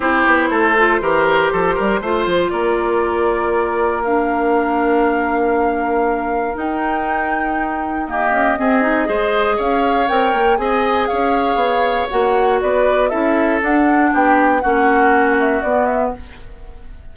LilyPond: <<
  \new Staff \with { instrumentName = "flute" } { \time 4/4 \tempo 4 = 119 c''1~ | c''4 d''2. | f''1~ | f''4 g''2. |
dis''2. f''4 | g''4 gis''4 f''2 | fis''4 d''4 e''4 fis''4 | g''4 fis''4. e''8 d''8 e''8 | }
  \new Staff \with { instrumentName = "oboe" } { \time 4/4 g'4 a'4 ais'4 a'8 ais'8 | c''4 ais'2.~ | ais'1~ | ais'1 |
g'4 gis'4 c''4 cis''4~ | cis''4 dis''4 cis''2~ | cis''4 b'4 a'2 | g'4 fis'2. | }
  \new Staff \with { instrumentName = "clarinet" } { \time 4/4 e'4. f'8 g'2 | f'1 | d'1~ | d'4 dis'2. |
ais4 c'8 dis'8 gis'2 | ais'4 gis'2. | fis'2 e'4 d'4~ | d'4 cis'2 b4 | }
  \new Staff \with { instrumentName = "bassoon" } { \time 4/4 c'8 b8 a4 e4 f8 g8 | a8 f8 ais2.~ | ais1~ | ais4 dis'2.~ |
dis'8 cis'8 c'4 gis4 cis'4 | c'8 ais8 c'4 cis'4 b4 | ais4 b4 cis'4 d'4 | b4 ais2 b4 | }
>>